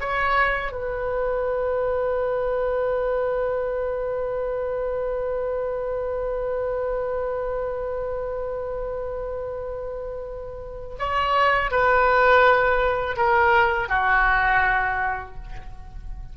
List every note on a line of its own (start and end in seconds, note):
0.00 0.72 C#5
0.72 10.96 B4
10.99 11.71 C#5
11.71 13.16 B4
13.16 13.88 A#4
13.88 15.35 F#4